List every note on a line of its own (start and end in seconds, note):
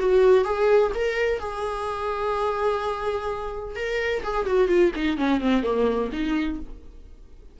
0.00 0.45 F#4
0.45 0.92 G#4
0.95 1.40 A#4
1.40 3.76 G#4
3.76 4.23 A#4
4.24 4.46 G#4
4.46 4.69 F#4
4.69 4.92 F4
4.96 5.18 D#4
5.18 5.41 C#4
5.41 5.64 C4
5.64 6.11 A#3
6.13 6.60 D#4